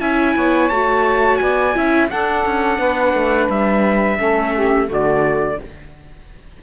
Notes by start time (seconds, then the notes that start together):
0.00 C#4 E4 E5 G#5
0.35 B3 C#5
0.69 A3 F#4 A5
1.36 B3 D5 G#5
1.75 C#4 E4 E5
2.09 D4 A4 F#5
2.45 C#4
2.78 B3 B4
3.13 A3
3.49 G3 E5
4.18 A3 C#4 A4
4.54 G4
4.87 D3 A3 F#4 D5